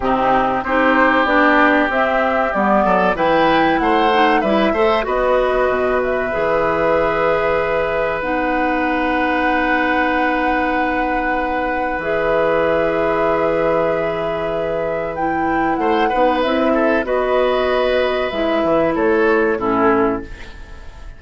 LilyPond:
<<
  \new Staff \with { instrumentName = "flute" } { \time 4/4 \tempo 4 = 95 g'4 c''4 d''4 e''4 | d''4 g''4 fis''4 e''4 | dis''4. e''2~ e''8~ | e''4 fis''2.~ |
fis''2. e''4~ | e''1 | g''4 fis''4 e''4 dis''4~ | dis''4 e''4 cis''4 a'4 | }
  \new Staff \with { instrumentName = "oboe" } { \time 4/4 dis'4 g'2.~ | g'8 a'8 b'4 c''4 b'8 c''8 | b'1~ | b'1~ |
b'1~ | b'1~ | b'4 c''8 b'4 a'8 b'4~ | b'2 a'4 e'4 | }
  \new Staff \with { instrumentName = "clarinet" } { \time 4/4 c'4 dis'4 d'4 c'4 | b4 e'4. dis'8 e'8 a'8 | fis'2 gis'2~ | gis'4 dis'2.~ |
dis'2. gis'4~ | gis'1 | e'4. dis'8 e'4 fis'4~ | fis'4 e'2 cis'4 | }
  \new Staff \with { instrumentName = "bassoon" } { \time 4/4 c4 c'4 b4 c'4 | g8 fis8 e4 a4 g8 a8 | b4 b,4 e2~ | e4 b2.~ |
b2. e4~ | e1~ | e4 a8 b8 c'4 b4~ | b4 gis8 e8 a4 a,4 | }
>>